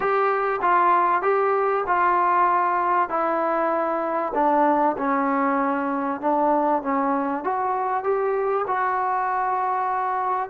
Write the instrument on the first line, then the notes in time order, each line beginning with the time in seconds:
trombone
0.00 G4
0.61 F4
1.22 G4
1.86 F4
3.09 E4
4.34 D4
4.97 C#4
6.20 D4
6.82 C#4
7.44 F#4
8.03 G4
8.67 F#4